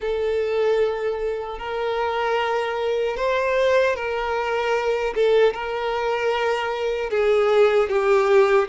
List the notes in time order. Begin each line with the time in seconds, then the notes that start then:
0.00 A4
1.59 A#4
3.16 C5
3.95 A#4
5.14 A4
5.53 A#4
7.10 G#4
7.89 G4